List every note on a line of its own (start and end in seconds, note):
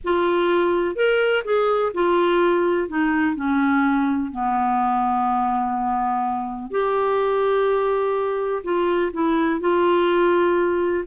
0.03 0.95 F4
0.95 1.43 A#4
1.44 1.92 G#4
1.94 2.88 F4
2.88 3.35 D#4
3.35 4.31 C#4
4.31 6.70 B3
6.70 8.62 G4
8.63 9.11 F4
9.13 9.60 E4
9.60 11.04 F4